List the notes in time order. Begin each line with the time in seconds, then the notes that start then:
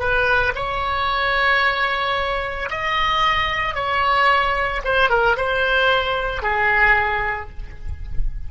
0.00 B4
0.56 C#5
2.71 D#5
3.75 C#5
4.85 C5
5.10 A#4
5.37 C5
6.43 G#4